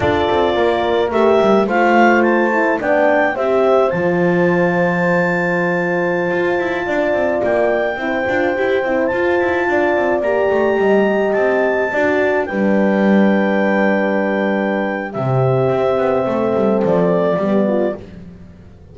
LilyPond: <<
  \new Staff \with { instrumentName = "clarinet" } { \time 4/4 \tempo 4 = 107 d''2 e''4 f''4 | a''4 g''4 e''4 a''4~ | a''1~ | a''4~ a''16 g''2~ g''8.~ |
g''16 a''2 ais''4.~ ais''16~ | ais''16 a''2 g''4.~ g''16~ | g''2. e''4~ | e''2 d''2 | }
  \new Staff \with { instrumentName = "horn" } { \time 4/4 a'4 ais'2 c''4~ | c''4 d''4 c''2~ | c''1~ | c''16 d''2 c''4.~ c''16~ |
c''4~ c''16 d''2 dis''8.~ | dis''4~ dis''16 d''4 b'4.~ b'16~ | b'2. g'4~ | g'4 a'2 g'8 f'8 | }
  \new Staff \with { instrumentName = "horn" } { \time 4/4 f'2 g'4 f'4~ | f'8 e'8 d'4 g'4 f'4~ | f'1~ | f'2~ f'16 e'8 f'8 g'8 e'16~ |
e'16 f'2 g'4.~ g'16~ | g'4~ g'16 fis'4 d'4.~ d'16~ | d'2. c'4~ | c'2. b4 | }
  \new Staff \with { instrumentName = "double bass" } { \time 4/4 d'8 c'8 ais4 a8 g8 a4~ | a4 b4 c'4 f4~ | f2.~ f16 f'8 e'16~ | e'16 d'8 c'8 ais4 c'8 d'8 e'8 c'16~ |
c'16 f'8 e'8 d'8 c'8 ais8 a8 g8.~ | g16 c'4 d'4 g4.~ g16~ | g2. c4 | c'8 b8 a8 g8 f4 g4 | }
>>